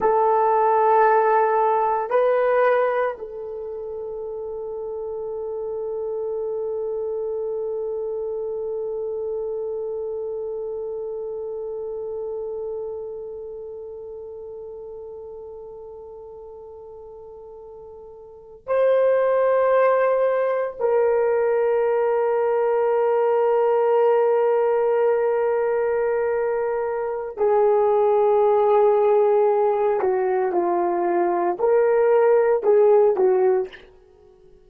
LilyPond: \new Staff \with { instrumentName = "horn" } { \time 4/4 \tempo 4 = 57 a'2 b'4 a'4~ | a'1~ | a'1~ | a'1~ |
a'4.~ a'16 c''2 ais'16~ | ais'1~ | ais'2 gis'2~ | gis'8 fis'8 f'4 ais'4 gis'8 fis'8 | }